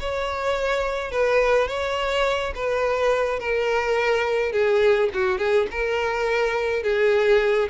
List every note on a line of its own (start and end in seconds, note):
0.00 1.11 C#5
1.11 1.68 B4
1.68 2.54 C#5
2.55 3.39 B4
3.39 4.52 A#4
4.52 5.09 G#4
5.14 5.38 F#4
5.38 5.67 G#4
5.71 6.83 A#4
6.83 7.69 G#4